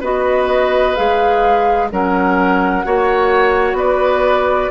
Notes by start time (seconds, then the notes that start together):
0.00 B3 F#4 B4 D#5
0.95 G#3 G#4 F5
1.91 F#3 C#4 A#4 F#5
2.84 A#3 F#4 C#5
3.73 B3 B4 D5